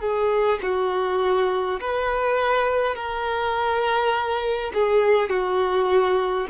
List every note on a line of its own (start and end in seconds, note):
0.00 0.59 G#4
0.62 1.80 F#4
1.80 2.95 B4
2.95 4.71 A#4
4.73 5.29 G#4
5.29 6.47 F#4